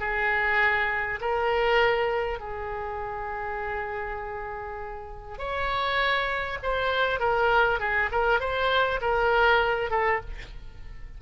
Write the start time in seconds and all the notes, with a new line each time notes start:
0.00 G#4
1.21 A#4
2.40 G#4
5.39 C#5
6.63 C5
7.20 A#4
7.80 G#4
8.12 A#4
8.40 C5
9.02 A#4
9.91 A4